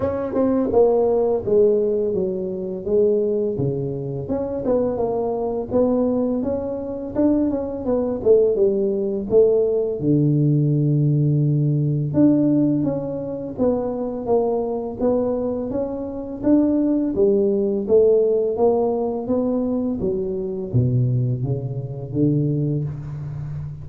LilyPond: \new Staff \with { instrumentName = "tuba" } { \time 4/4 \tempo 4 = 84 cis'8 c'8 ais4 gis4 fis4 | gis4 cis4 cis'8 b8 ais4 | b4 cis'4 d'8 cis'8 b8 a8 | g4 a4 d2~ |
d4 d'4 cis'4 b4 | ais4 b4 cis'4 d'4 | g4 a4 ais4 b4 | fis4 b,4 cis4 d4 | }